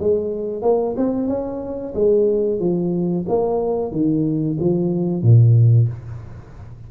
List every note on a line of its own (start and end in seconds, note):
0.00 0.62 G#3
0.62 0.95 A#3
0.97 1.28 C4
1.28 1.94 C#4
1.95 2.60 G#3
2.60 3.25 F3
3.28 3.92 A#3
3.92 4.58 D#3
4.60 5.22 F3
5.22 5.88 A#2